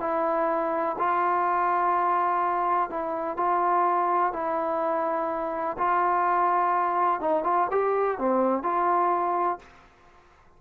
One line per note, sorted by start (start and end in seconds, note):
0.00 0.96 E4
0.98 2.90 F4
2.90 3.37 E4
3.37 4.33 F4
4.33 5.77 E4
5.78 7.20 F4
7.20 7.44 D#4
7.44 7.68 F4
7.71 8.18 G4
8.18 8.63 C4
8.63 9.59 F4